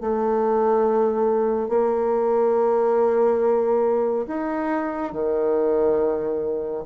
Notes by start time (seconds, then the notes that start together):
0.00 A3
1.68 A#3
4.27 D#4
5.12 D#3